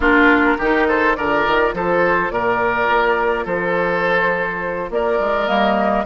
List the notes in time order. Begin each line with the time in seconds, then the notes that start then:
0.00 A#3 D4 F4 A#4
0.58 D#3 D#4 G4
0.88 A4 C5
1.15 D3 F4 A#4 D5
1.47 D#3
1.73 F3 A4 C5
2.30 A#2 A#4 D5
2.88 A#3
3.45 F3 A4 C5
4.89 A#3 A#4 D5
5.19 G#3
5.47 G3 A#3 D#5